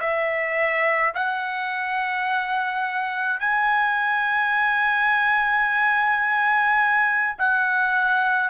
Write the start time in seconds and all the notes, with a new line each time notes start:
0.00 E5
1.14 F#5
3.40 G#5
7.38 F#5